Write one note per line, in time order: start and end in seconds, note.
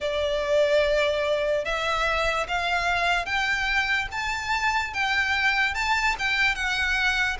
0.00 1.64 D5
1.64 2.47 E5
2.48 3.25 F5
3.25 4.08 G5
4.11 4.93 A5
4.93 5.74 G5
5.74 6.15 A5
6.19 6.55 G5
6.55 7.37 F#5